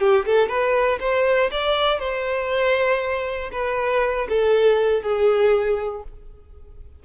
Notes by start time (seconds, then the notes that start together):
0.00 G4
0.25 A4
0.48 B4
1.00 C5
1.51 D5
1.99 C5
3.52 B4
4.29 A4
5.02 G#4